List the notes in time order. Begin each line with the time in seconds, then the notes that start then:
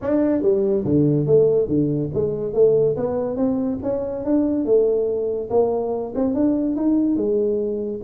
0.01 D4
0.41 G3
0.85 D3
1.26 A3
1.67 D3
2.13 G#3
2.53 A3
2.96 B3
3.36 C4
3.82 C#4
4.24 D4
4.65 A3
5.49 A#3
6.15 C4
6.33 D4
6.75 D#4
7.16 G#3